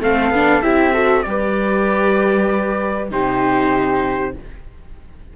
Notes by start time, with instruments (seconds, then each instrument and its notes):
0.00 cello A3, viola C4, flute A4, trumpet F5
0.30 cello B3, viola D4
0.62 cello C4, viola E4, flute G4, trumpet E5
0.94 viola F#4, flute A4
1.23 cello G3, viola G4, flute B4, trumpet D5
3.10 cello C3, viola D#4, flute G4, trumpet C5